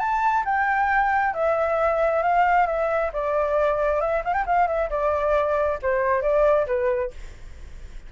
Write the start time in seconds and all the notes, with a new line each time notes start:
0.00 A5
0.45 G5
1.34 E5
2.23 F5
2.67 E5
3.13 D5
4.01 E5
4.25 F5
4.34 G5
4.46 F5
4.68 E5
4.90 D5
5.83 C5
6.22 D5
6.67 B4